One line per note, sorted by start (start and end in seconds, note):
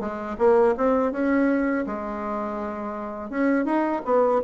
0.00 0.37 G#3
0.38 0.75 A#3
0.77 1.12 C4
1.12 1.85 C#4
1.86 3.30 G#3
3.30 3.65 C#4
3.65 4.02 D#4
4.05 4.41 B3